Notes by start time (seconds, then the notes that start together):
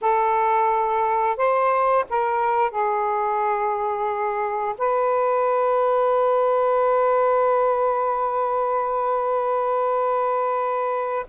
0.01 A4
1.36 C5
2.09 A#4
2.70 G#4
4.78 B4